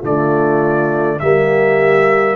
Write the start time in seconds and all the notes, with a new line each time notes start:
0.00 D3 A3 F4 D5
1.19 G3 A#3 G4 E5